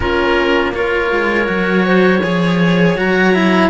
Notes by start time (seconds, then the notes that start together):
0.00 A#3 C#4 F4 A#4
0.74 F4 A#4 C#5
1.11 G#3
1.45 F#3 F#4
1.85 C5
2.21 F3 G#4 C#5
2.95 F#3 F#4 A#5
3.34 E4